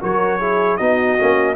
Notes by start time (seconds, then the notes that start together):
0.00 F#3 F#4 A#4 C#5
0.39 E4 G#4
0.76 B3 D#4 F#4 D#5
1.18 A#3 C#4